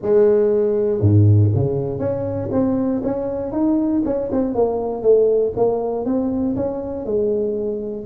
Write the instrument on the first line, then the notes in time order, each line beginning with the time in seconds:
tuba
0.01 G#3
1.00 G#2
1.54 C#3
1.99 C#4
2.51 C4
3.03 C#4
3.52 D#4
4.05 C#4
4.32 C4
4.54 A#3
5.02 A3
5.56 A#3
6.05 C4
6.55 C#4
7.05 G#3